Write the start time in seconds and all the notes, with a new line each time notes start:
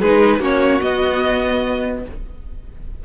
0.00 G#3 D#4 G#4 B4
0.39 A#3 C#4 F#4 C#5
0.80 B3 D#5